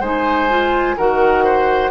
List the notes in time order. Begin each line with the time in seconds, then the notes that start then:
0.00 G#3 D#4 C5 G#5
0.49 F4
0.97 D#3 F#4 A#4 F#5
1.44 C5